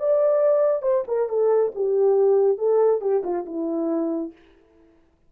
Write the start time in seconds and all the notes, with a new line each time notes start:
0.00 D5
0.82 C5
1.08 A#4
1.29 A4
1.75 G4
2.58 A4
3.02 G4
3.24 F4
3.46 E4